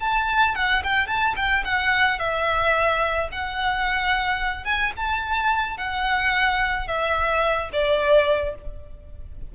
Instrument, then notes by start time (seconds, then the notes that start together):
violin
0.00 A5
0.55 F#5
0.84 G5
1.07 A5
1.36 G5
1.65 F#5
2.19 E5
3.32 F#5
4.65 G#5
4.96 A5
5.77 F#5
6.87 E5
7.72 D5